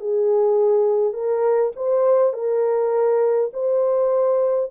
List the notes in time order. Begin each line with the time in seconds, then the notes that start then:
0.00 G#4
1.13 A#4
1.76 C5
2.33 A#4
3.53 C5